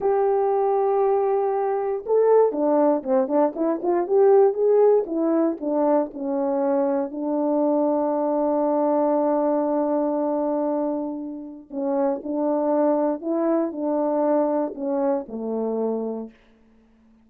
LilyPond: \new Staff \with { instrumentName = "horn" } { \time 4/4 \tempo 4 = 118 g'1 | a'4 d'4 c'8 d'8 e'8 f'8 | g'4 gis'4 e'4 d'4 | cis'2 d'2~ |
d'1~ | d'2. cis'4 | d'2 e'4 d'4~ | d'4 cis'4 a2 | }